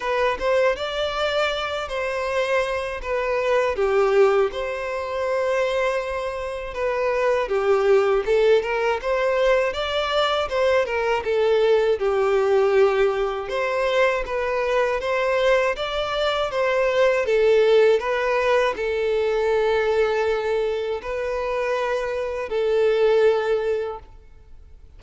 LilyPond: \new Staff \with { instrumentName = "violin" } { \time 4/4 \tempo 4 = 80 b'8 c''8 d''4. c''4. | b'4 g'4 c''2~ | c''4 b'4 g'4 a'8 ais'8 | c''4 d''4 c''8 ais'8 a'4 |
g'2 c''4 b'4 | c''4 d''4 c''4 a'4 | b'4 a'2. | b'2 a'2 | }